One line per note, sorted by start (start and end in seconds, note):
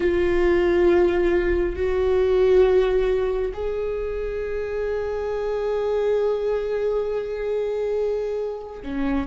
0.00 1.75 F4
1.75 3.52 F#4
3.53 8.82 G#4
8.82 9.26 C#4